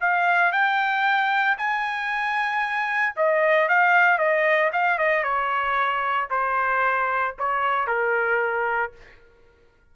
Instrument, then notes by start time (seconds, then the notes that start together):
trumpet
0.00 F5
0.52 G5
1.58 G#5
3.16 D#5
3.68 F5
4.18 D#5
4.73 F5
4.98 D#5
5.23 C#5
6.30 C5
7.39 C#5
7.87 A#4